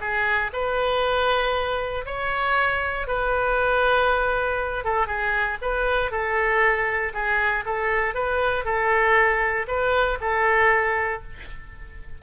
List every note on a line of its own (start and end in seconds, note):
0.00 0.51 G#4
0.52 2.05 B4
2.05 3.07 C#5
3.07 4.84 B4
4.84 5.06 A4
5.06 5.57 G#4
5.61 6.11 B4
6.11 7.13 A4
7.13 7.64 G#4
7.65 8.14 A4
8.14 8.64 B4
8.64 9.66 A4
9.67 10.18 B4
10.20 11.22 A4